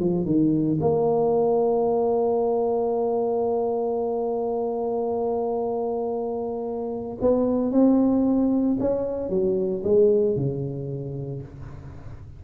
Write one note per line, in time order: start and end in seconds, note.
0.00 0.26 F3
0.26 0.79 D#3
0.81 7.18 A#3
7.21 7.72 B3
7.72 8.78 C4
8.80 9.30 C#4
9.30 9.83 F#3
9.84 10.37 G#3
10.37 11.43 C#3